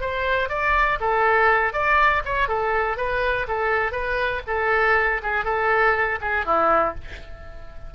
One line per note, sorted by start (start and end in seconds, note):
0.00 0.48 C5
0.48 0.98 D5
1.00 1.72 A4
1.72 2.22 D5
2.24 2.48 C#5
2.48 2.97 A4
2.97 3.46 B4
3.48 3.91 A4
3.91 4.41 B4
4.47 5.21 A4
5.22 5.44 G#4
5.44 6.18 A4
6.21 6.45 G#4
6.45 6.94 E4